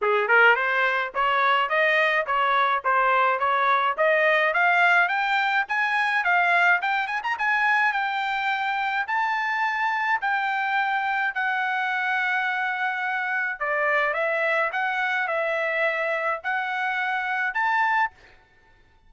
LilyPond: \new Staff \with { instrumentName = "trumpet" } { \time 4/4 \tempo 4 = 106 gis'8 ais'8 c''4 cis''4 dis''4 | cis''4 c''4 cis''4 dis''4 | f''4 g''4 gis''4 f''4 | g''8 gis''16 ais''16 gis''4 g''2 |
a''2 g''2 | fis''1 | d''4 e''4 fis''4 e''4~ | e''4 fis''2 a''4 | }